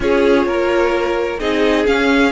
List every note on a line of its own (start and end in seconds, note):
0.00 0.45 C#4
0.00 1.38 F4
0.00 0.47 G#4
0.00 1.39 C#5
0.46 1.39 A#3
0.46 1.39 A#4
1.39 1.86 C4
1.39 1.85 D#4
1.39 2.32 G#4
1.39 1.86 D#5
1.85 2.32 C#4
1.85 2.32 F5